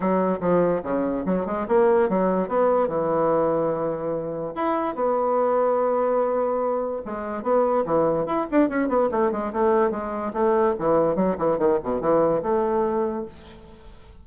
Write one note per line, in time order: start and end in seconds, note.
0.00 0.39 F#3
0.40 0.81 F3
0.83 1.24 C#3
1.25 1.46 F#3
1.46 1.66 G#3
1.68 2.09 A#3
2.09 2.48 F#3
2.48 2.88 B3
2.88 4.53 E3
4.55 4.95 E4
4.95 7.02 B3
7.05 7.43 G#3
7.43 7.84 B3
7.85 8.26 E3
8.26 8.46 E4
8.51 8.69 D4
8.69 8.88 C#4
8.88 9.09 B3
9.11 9.31 A3
9.31 9.52 G#3
9.52 9.90 A3
9.90 10.32 G#3
10.33 10.74 A3
10.78 11.15 E3
11.15 11.36 F#3
11.38 11.58 E3
11.58 11.79 D#3
11.83 12.00 B2
12.00 12.42 E3
12.42 13.25 A3